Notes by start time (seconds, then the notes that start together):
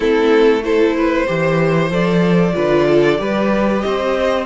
0.00 A3 C4 E4 A4
0.63 E4 A4 C5
0.97 B4
1.26 E3 G4 C5
1.90 F3 A4 D5
2.53 D3 F4 B4
2.88 A4
3.17 G3 G4 B4
3.80 C4 C5 D#5